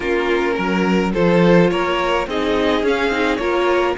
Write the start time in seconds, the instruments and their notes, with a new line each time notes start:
0.00 cello A#3, viola C#4, violin F4 A#4
0.55 cello F#3, violin A#4
1.13 cello F3, viola F4, violin A4 C5
1.70 cello A#3, violin A#4 C#5
2.26 cello C4, viola D#4, violin G#4 D#5
2.82 cello C#4, viola C#4, violin F5
3.09 cello C4, viola D#4
3.36 cello A#3, viola F4, violin A#4 C#5